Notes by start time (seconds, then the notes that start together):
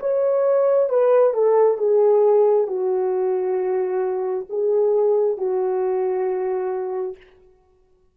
0.00 C#5
0.90 B4
1.34 A4
1.78 G#4
2.68 F#4
4.49 G#4
5.38 F#4